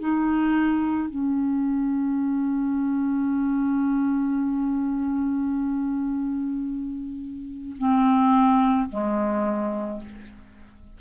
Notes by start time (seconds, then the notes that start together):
0.00 D#4
1.10 C#4
7.78 C4
8.90 G#3